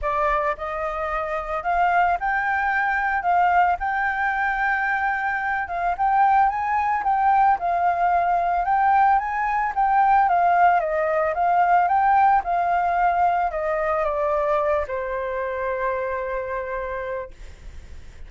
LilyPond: \new Staff \with { instrumentName = "flute" } { \time 4/4 \tempo 4 = 111 d''4 dis''2 f''4 | g''2 f''4 g''4~ | g''2~ g''8 f''8 g''4 | gis''4 g''4 f''2 |
g''4 gis''4 g''4 f''4 | dis''4 f''4 g''4 f''4~ | f''4 dis''4 d''4. c''8~ | c''1 | }